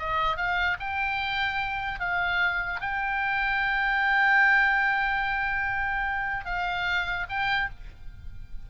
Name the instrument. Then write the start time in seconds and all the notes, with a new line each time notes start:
oboe
0.00 D#5
0.37 F5
0.80 G5
2.00 F5
2.81 G5
6.46 F5
7.30 G5